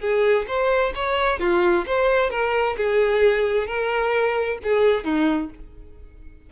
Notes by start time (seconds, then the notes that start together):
0.00 G#4
0.47 C5
0.95 C#5
1.40 F4
1.86 C5
2.30 A#4
2.77 G#4
3.67 A#4
4.63 G#4
5.04 D#4